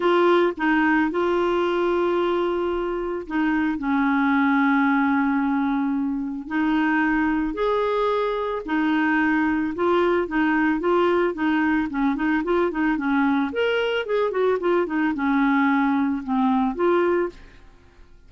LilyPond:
\new Staff \with { instrumentName = "clarinet" } { \time 4/4 \tempo 4 = 111 f'4 dis'4 f'2~ | f'2 dis'4 cis'4~ | cis'1 | dis'2 gis'2 |
dis'2 f'4 dis'4 | f'4 dis'4 cis'8 dis'8 f'8 dis'8 | cis'4 ais'4 gis'8 fis'8 f'8 dis'8 | cis'2 c'4 f'4 | }